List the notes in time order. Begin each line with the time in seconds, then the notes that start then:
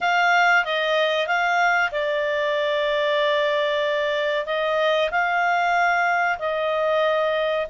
0.00 F5
0.64 D#5
1.27 F5
1.91 D5
4.46 D#5
5.10 F5
6.39 D#5